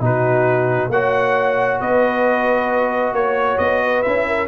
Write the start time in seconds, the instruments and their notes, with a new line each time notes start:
0.00 tuba B2, trombone D#4, horn F#4, trumpet B4
0.89 tuba A#3, trombone F#4, horn C#5, trumpet F#5
1.81 tuba B3, horn B4, trumpet D#5
3.12 tuba A#3, trumpet C#5, horn C#5
3.58 tuba B3, trumpet D#5
3.84 horn B4
4.02 tuba C#4, trombone E4, trumpet E5
4.27 horn A#4